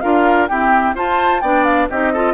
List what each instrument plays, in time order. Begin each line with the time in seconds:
0.00 bassoon D4, clarinet F4, oboe A#4, flute F5
0.48 clarinet C4, bassoon E4, oboe G4, flute G5
0.95 bassoon F4, clarinet F4, oboe C5, flute A5
1.40 bassoon B3, clarinet D4, oboe D5, flute G5
1.64 flute F5
1.89 bassoon C4, clarinet D#4, oboe G4, flute D#5
2.13 clarinet F4, oboe A4